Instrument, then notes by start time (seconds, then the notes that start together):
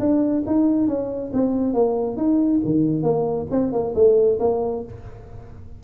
tuba
0.00 D4
0.47 D#4
0.88 C#4
1.34 C4
1.74 A#3
2.17 D#4
2.65 D#3
3.03 A#3
3.51 C4
3.73 A#3
3.96 A3
4.40 A#3